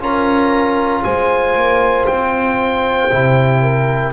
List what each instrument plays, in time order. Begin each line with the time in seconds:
0.00 double bass C#4, trombone F4, horn A#4, oboe A#5
1.03 double bass G#3, horn C5, oboe G#5
1.56 double bass A#3
2.06 double bass C4, oboe G5
3.12 double bass C3, trombone E4
3.62 horn A#4